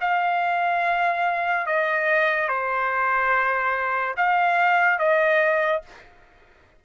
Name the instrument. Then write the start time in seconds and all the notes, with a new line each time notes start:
trumpet
0.00 F5
1.66 D#5
2.48 C5
4.17 F5
4.99 D#5